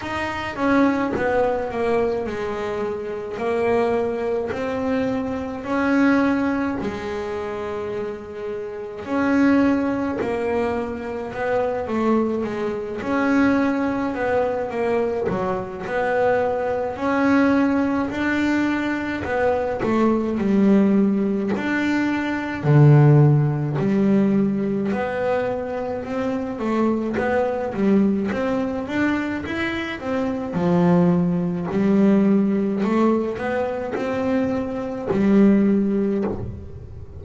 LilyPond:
\new Staff \with { instrumentName = "double bass" } { \time 4/4 \tempo 4 = 53 dis'8 cis'8 b8 ais8 gis4 ais4 | c'4 cis'4 gis2 | cis'4 ais4 b8 a8 gis8 cis'8~ | cis'8 b8 ais8 fis8 b4 cis'4 |
d'4 b8 a8 g4 d'4 | d4 g4 b4 c'8 a8 | b8 g8 c'8 d'8 e'8 c'8 f4 | g4 a8 b8 c'4 g4 | }